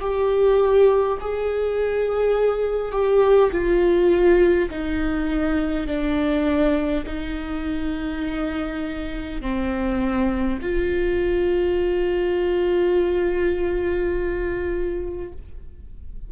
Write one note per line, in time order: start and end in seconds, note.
0.00 1.18 G4
1.20 2.91 G#4
2.91 3.50 G4
3.52 4.70 F4
4.70 5.87 D#4
5.87 7.04 D4
7.06 9.41 D#4
9.41 10.59 C4
10.61 15.32 F4